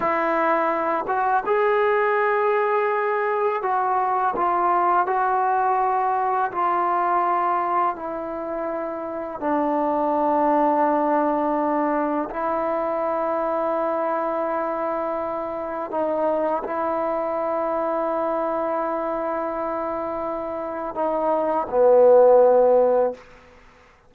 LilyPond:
\new Staff \with { instrumentName = "trombone" } { \time 4/4 \tempo 4 = 83 e'4. fis'8 gis'2~ | gis'4 fis'4 f'4 fis'4~ | fis'4 f'2 e'4~ | e'4 d'2.~ |
d'4 e'2.~ | e'2 dis'4 e'4~ | e'1~ | e'4 dis'4 b2 | }